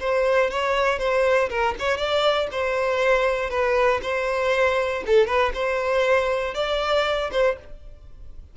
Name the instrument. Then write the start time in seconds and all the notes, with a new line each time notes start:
violin
0.00 C5
0.50 C#5
0.99 C5
1.49 A#4
1.79 C#5
1.97 D5
2.51 C5
3.50 B4
4.02 C5
5.06 A4
5.27 B4
5.54 C5
6.54 D5
7.32 C5